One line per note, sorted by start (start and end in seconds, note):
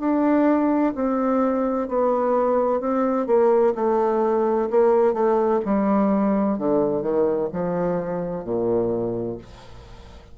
0.00 0.94 D4
0.95 1.88 C4
1.88 2.80 B3
2.80 3.26 C4
3.26 3.73 A#3
3.75 4.69 A3
4.70 5.13 A#3
5.13 5.60 A3
5.65 6.58 G3
6.58 7.02 D3
7.02 7.49 D#3
7.53 8.44 F3
8.44 9.38 A#2